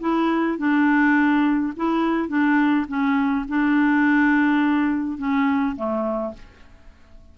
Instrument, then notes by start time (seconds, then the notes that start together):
clarinet
0.00 E4
0.58 D4
1.76 E4
2.28 D4
2.88 C#4
3.48 D4
5.18 C#4
5.76 A3